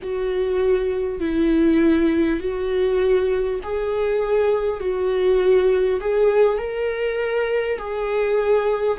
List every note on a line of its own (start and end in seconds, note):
0.02 1.19 F#4
1.19 2.39 E4
2.39 3.59 F#4
3.63 4.79 G#4
4.79 5.99 F#4
6.00 6.58 G#4
6.58 7.78 A#4
7.78 8.98 G#4